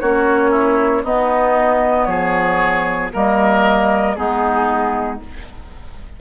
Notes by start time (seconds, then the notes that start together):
0.00 A#3 C#4 F#4 C#5
0.50 E4
1.03 B3 D#4 D#5
2.05 F3 G#4 C#5
3.12 G3 A#3 A#4 D#5
4.16 G#3 B3 D#4 G#4